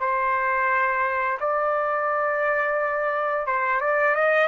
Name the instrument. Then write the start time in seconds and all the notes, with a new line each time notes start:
trumpet
0.00 C5
1.40 D5
3.47 C5
3.80 D5
4.15 D#5